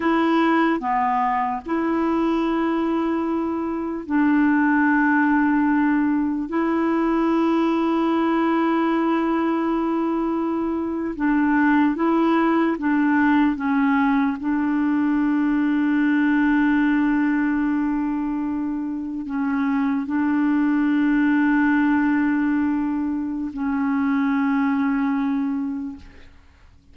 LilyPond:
\new Staff \with { instrumentName = "clarinet" } { \time 4/4 \tempo 4 = 74 e'4 b4 e'2~ | e'4 d'2. | e'1~ | e'4.~ e'16 d'4 e'4 d'16~ |
d'8. cis'4 d'2~ d'16~ | d'2.~ d'8. cis'16~ | cis'8. d'2.~ d'16~ | d'4 cis'2. | }